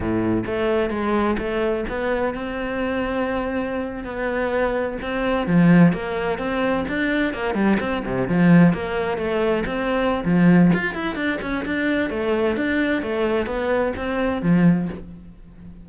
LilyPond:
\new Staff \with { instrumentName = "cello" } { \time 4/4 \tempo 4 = 129 a,4 a4 gis4 a4 | b4 c'2.~ | c'8. b2 c'4 f16~ | f8. ais4 c'4 d'4 ais16~ |
ais16 g8 c'8 c8 f4 ais4 a16~ | a8. c'4~ c'16 f4 f'8 e'8 | d'8 cis'8 d'4 a4 d'4 | a4 b4 c'4 f4 | }